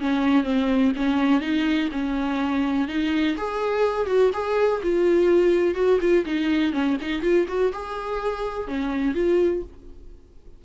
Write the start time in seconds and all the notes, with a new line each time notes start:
0.00 C#4
0.44 C4
0.96 C#4
1.41 D#4
1.92 C#4
2.88 D#4
3.37 G#4
4.07 F#4
4.33 G#4
4.83 F4
5.75 F#4
6.01 F4
6.26 D#4
6.73 C#4
7.01 D#4
7.22 F4
7.48 F#4
7.73 G#4
8.67 C#4
9.15 F4